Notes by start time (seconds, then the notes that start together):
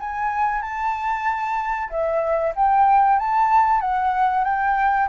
0.00 G#5
0.62 A5
1.90 E5
2.56 G5
3.19 A5
3.81 F#5
4.44 G5